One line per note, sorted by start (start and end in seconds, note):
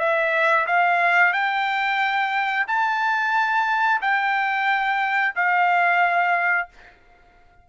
0.00 0.67 E5
0.67 1.33 F5
1.33 2.67 G5
2.68 4.02 A5
4.02 5.35 G5
5.36 6.69 F5